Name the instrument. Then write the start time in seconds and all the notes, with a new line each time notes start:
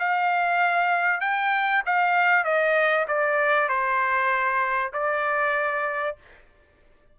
trumpet
0.00 F5
1.21 G5
1.86 F5
2.45 D#5
3.08 D5
3.69 C5
4.93 D5